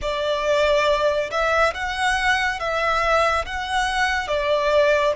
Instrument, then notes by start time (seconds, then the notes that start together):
violin
0.01 D5
1.31 E5
1.74 F#5
2.59 E5
3.45 F#5
4.27 D5